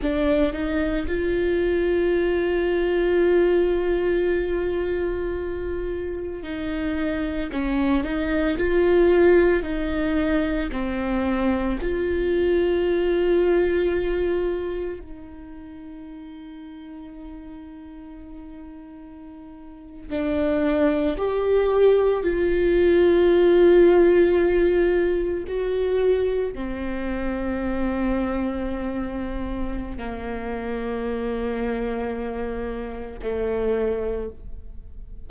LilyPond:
\new Staff \with { instrumentName = "viola" } { \time 4/4 \tempo 4 = 56 d'8 dis'8 f'2.~ | f'2 dis'4 cis'8 dis'8 | f'4 dis'4 c'4 f'4~ | f'2 dis'2~ |
dis'2~ dis'8. d'4 g'16~ | g'8. f'2. fis'16~ | fis'8. c'2.~ c'16 | ais2. a4 | }